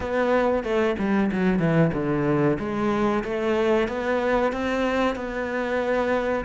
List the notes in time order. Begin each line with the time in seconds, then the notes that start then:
0.00 B3
0.63 A3
0.98 G3
1.31 F#3
1.59 E3
1.93 D3
2.59 G#3
3.23 A3
3.87 B3
4.52 C4
5.15 B3